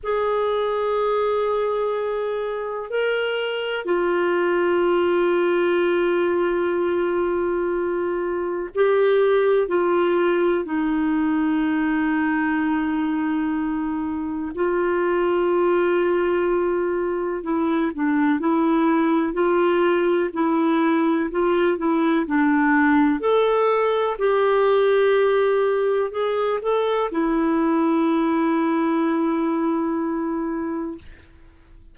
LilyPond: \new Staff \with { instrumentName = "clarinet" } { \time 4/4 \tempo 4 = 62 gis'2. ais'4 | f'1~ | f'4 g'4 f'4 dis'4~ | dis'2. f'4~ |
f'2 e'8 d'8 e'4 | f'4 e'4 f'8 e'8 d'4 | a'4 g'2 gis'8 a'8 | e'1 | }